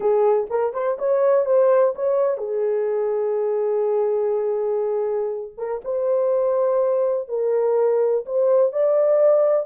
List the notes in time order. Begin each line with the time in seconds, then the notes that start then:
0.00 G#4
0.50 A#4
0.73 C5
0.98 C#5
1.45 C5
1.95 C#5
2.37 G#4
5.57 A#4
5.84 C5
7.28 A#4
8.25 C5
8.72 D5